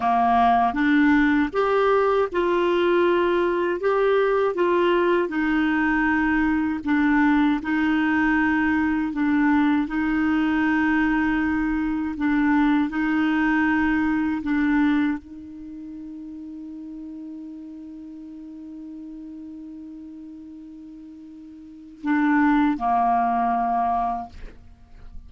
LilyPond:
\new Staff \with { instrumentName = "clarinet" } { \time 4/4 \tempo 4 = 79 ais4 d'4 g'4 f'4~ | f'4 g'4 f'4 dis'4~ | dis'4 d'4 dis'2 | d'4 dis'2. |
d'4 dis'2 d'4 | dis'1~ | dis'1~ | dis'4 d'4 ais2 | }